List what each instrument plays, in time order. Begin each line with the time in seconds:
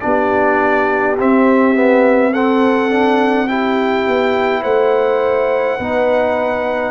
0.00 tuba B3, trombone D4, horn G4, trumpet D5
1.18 trombone C4, tuba C4, trumpet E5
1.75 trombone B3
2.32 trombone C4, horn A4, trumpet F#5
2.89 trombone D4
3.47 trombone E4, horn G4, trumpet G5
4.07 tuba B3
4.62 tuba A3, horn C5, trumpet F#5
5.77 tuba B3, trombone D#4, horn B4